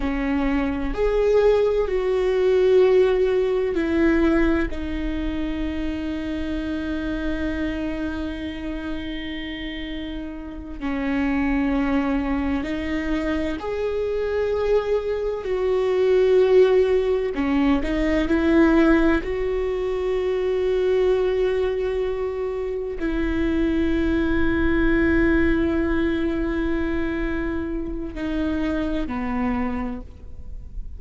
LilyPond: \new Staff \with { instrumentName = "viola" } { \time 4/4 \tempo 4 = 64 cis'4 gis'4 fis'2 | e'4 dis'2.~ | dis'2.~ dis'8 cis'8~ | cis'4. dis'4 gis'4.~ |
gis'8 fis'2 cis'8 dis'8 e'8~ | e'8 fis'2.~ fis'8~ | fis'8 e'2.~ e'8~ | e'2 dis'4 b4 | }